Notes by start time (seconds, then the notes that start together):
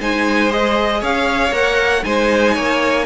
0.00 G#3 D#4 C5 G#5
0.50 G#4 D#5
1.01 C#4 C#5 F5
1.51 A#3 A#4 F#5
2.04 G#3 D#4 C5 G#5
2.54 A#3 C#5